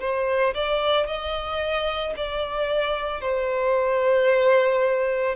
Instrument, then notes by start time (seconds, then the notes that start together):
violin
0.00 C5
0.54 D5
1.07 D#5
2.17 D5
3.21 C5